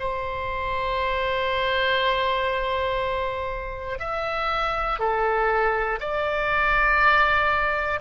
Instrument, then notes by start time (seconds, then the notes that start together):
oboe
0.00 C5
4.00 E5
5.00 A4
6.00 D5